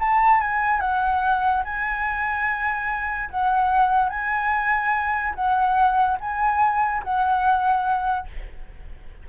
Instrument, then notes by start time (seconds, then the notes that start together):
flute
0.00 A5
0.41 G#5
0.81 F#5
1.65 G#5
3.30 F#5
4.10 G#5
5.35 F#5
6.21 G#5
7.04 F#5